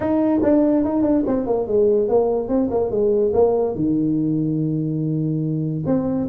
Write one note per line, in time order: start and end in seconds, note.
0.00 0.40 D#4
0.43 0.84 D4
0.84 1.02 D#4
1.02 1.23 D4
1.26 1.46 C4
1.46 1.67 A#3
1.67 2.08 G#3
2.08 2.48 A#3
2.48 2.69 C4
2.70 2.91 A#3
2.91 3.32 G#3
3.33 3.75 A#3
3.75 5.83 D#3
5.86 6.27 C4